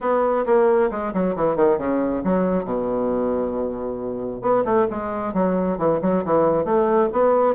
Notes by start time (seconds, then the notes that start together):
0.00 B3
0.45 A#3
0.91 G#3
1.13 F#3
1.36 E3
1.56 D#3
1.78 C#3
2.24 F#3
2.64 B2
4.41 B3
4.64 A3
4.90 G#3
5.33 F#3
5.77 E3
6.01 F#3
6.24 E3
6.64 A3
7.12 B3